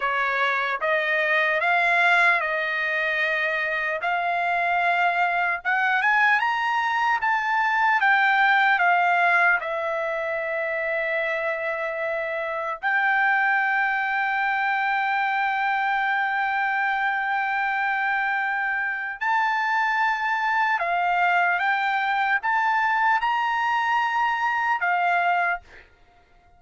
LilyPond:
\new Staff \with { instrumentName = "trumpet" } { \time 4/4 \tempo 4 = 75 cis''4 dis''4 f''4 dis''4~ | dis''4 f''2 fis''8 gis''8 | ais''4 a''4 g''4 f''4 | e''1 |
g''1~ | g''1 | a''2 f''4 g''4 | a''4 ais''2 f''4 | }